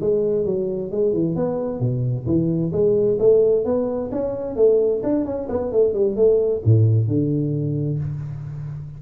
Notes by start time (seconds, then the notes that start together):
0.00 G#3
0.45 F#3
0.91 G#3
1.13 E3
1.35 B3
1.80 B2
2.26 E3
2.72 G#3
3.19 A3
3.64 B3
4.11 C#4
4.56 A3
5.03 D4
5.25 C#4
5.49 B3
5.72 A3
5.93 G3
6.16 A3
6.65 A2
7.07 D3